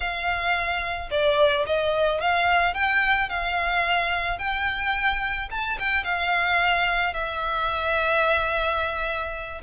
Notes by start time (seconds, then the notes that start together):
0.00 F5
1.10 D5
1.66 D#5
2.20 F5
2.74 G5
3.29 F5
4.38 G5
5.50 A5
5.79 G5
6.04 F5
7.13 E5